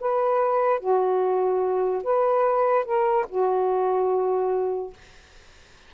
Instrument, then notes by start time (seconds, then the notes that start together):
saxophone
0.00 B4
0.80 F#4
2.03 B4
2.85 A#4
3.29 F#4